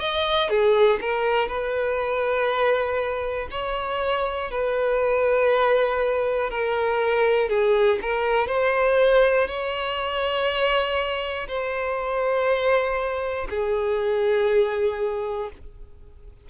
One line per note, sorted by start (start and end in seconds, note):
0.00 0.50 D#5
0.50 1.00 G#4
1.01 1.48 A#4
1.48 3.48 B4
3.51 4.51 C#5
4.51 6.50 B4
6.50 7.49 A#4
7.49 7.99 G#4
8.02 8.48 A#4
8.48 9.48 C5
9.48 11.48 C#5
11.48 13.48 C5
13.50 15.50 G#4